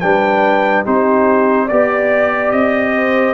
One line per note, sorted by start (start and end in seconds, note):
0.00 0.86 G3
0.00 0.85 D4
0.00 0.84 B4
0.00 0.83 G5
0.84 1.70 C4
0.84 1.69 D#4
0.84 1.66 G4
0.84 1.69 C5
1.66 2.52 B3
1.66 3.34 G4
1.66 2.91 D5
1.66 2.51 D5
2.51 3.34 C4
2.51 3.34 D#5
2.95 3.34 C5